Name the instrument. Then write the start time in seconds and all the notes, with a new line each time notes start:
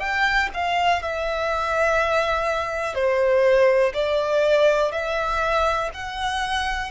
violin
0.00 G5
0.54 F5
1.02 E5
2.95 C5
3.94 D5
4.92 E5
5.94 F#5